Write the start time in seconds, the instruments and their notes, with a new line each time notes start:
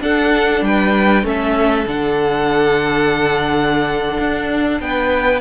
0.00 cello D4, viola D4, violin A4 F#5
0.61 cello G3, violin B4 G5
1.23 cello A3, viola C#4, violin A4 E5
1.86 cello D3, viola D4, violin F#5
4.19 cello D4
4.80 cello B3, violin B4 G5